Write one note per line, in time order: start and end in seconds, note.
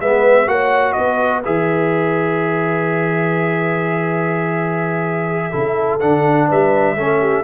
0.00 0.47 G#3
0.00 0.46 B3
0.00 0.49 B4
0.00 0.48 E5
0.46 0.95 A#3
0.46 1.42 F#4
0.46 0.95 C#5
0.46 0.92 F#5
0.92 1.45 B3
0.92 5.49 B4
0.92 1.40 D#5
1.45 5.53 E3
1.45 5.51 G#4
1.45 6.00 E5
5.49 6.02 C#3
5.49 6.00 E4
5.49 6.45 A4
6.00 6.50 D3
6.00 6.96 D4
6.00 6.48 F#5
6.48 6.95 G3
6.48 6.96 B4
6.48 7.44 E5
6.95 7.43 A3
6.95 7.44 C#4
6.95 7.20 A4
7.20 7.44 G4